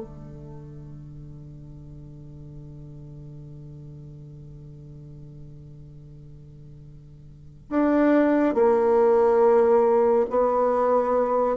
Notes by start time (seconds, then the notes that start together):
0.00 D3
7.69 D4
8.54 A#3
10.30 B3